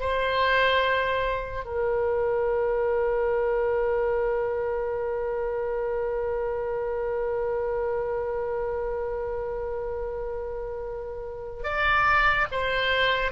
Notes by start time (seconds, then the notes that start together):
0.00 C5
1.65 A#4
11.64 D5
12.52 C5